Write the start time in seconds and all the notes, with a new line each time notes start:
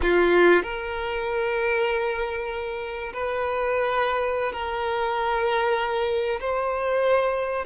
0.02 F4
0.62 A#4
3.12 B4
4.52 A#4
6.40 C5